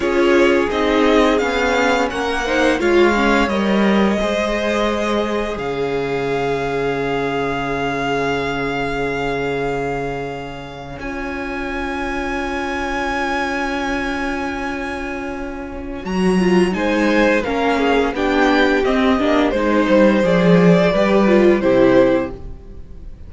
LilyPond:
<<
  \new Staff \with { instrumentName = "violin" } { \time 4/4 \tempo 4 = 86 cis''4 dis''4 f''4 fis''4 | f''4 dis''2. | f''1~ | f''2.~ f''8. gis''16~ |
gis''1~ | gis''2. ais''4 | gis''4 f''4 g''4 dis''4 | c''4 d''2 c''4 | }
  \new Staff \with { instrumentName = "violin" } { \time 4/4 gis'2. ais'8 c''8 | cis''2 c''2 | cis''1~ | cis''1~ |
cis''1~ | cis''1 | c''4 ais'8 gis'8 g'2 | c''2 b'4 g'4 | }
  \new Staff \with { instrumentName = "viola" } { \time 4/4 f'4 dis'4 cis'4. dis'8 | f'8 cis'8 ais'4 gis'2~ | gis'1~ | gis'2.~ gis'8. f'16~ |
f'1~ | f'2. fis'8 f'8 | dis'4 cis'4 d'4 c'8 d'8 | dis'4 gis'4 g'8 f'8 e'4 | }
  \new Staff \with { instrumentName = "cello" } { \time 4/4 cis'4 c'4 b4 ais4 | gis4 g4 gis2 | cis1~ | cis2.~ cis8. cis'16~ |
cis'1~ | cis'2. fis4 | gis4 ais4 b4 c'8 ais8 | gis8 g8 f4 g4 c4 | }
>>